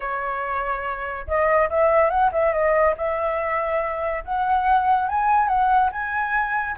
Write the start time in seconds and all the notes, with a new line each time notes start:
0.00 C#5
1.27 D#5
1.69 E5
2.09 F#5
2.32 E5
2.52 D#5
2.97 E5
4.24 F#5
5.08 G#5
5.48 F#5
5.92 G#5